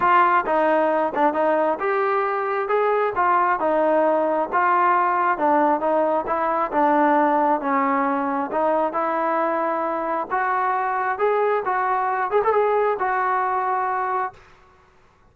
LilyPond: \new Staff \with { instrumentName = "trombone" } { \time 4/4 \tempo 4 = 134 f'4 dis'4. d'8 dis'4 | g'2 gis'4 f'4 | dis'2 f'2 | d'4 dis'4 e'4 d'4~ |
d'4 cis'2 dis'4 | e'2. fis'4~ | fis'4 gis'4 fis'4. gis'16 a'16 | gis'4 fis'2. | }